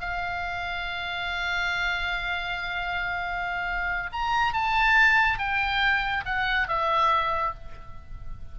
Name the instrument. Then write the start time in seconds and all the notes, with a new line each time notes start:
oboe
0.00 F5
4.13 A#5
4.53 A5
5.38 G5
6.25 F#5
6.68 E5